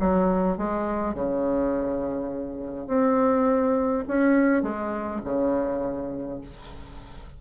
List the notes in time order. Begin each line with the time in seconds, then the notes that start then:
0.00 F#3
0.57 G#3
1.14 C#3
2.88 C4
4.08 C#4
4.63 G#3
5.25 C#3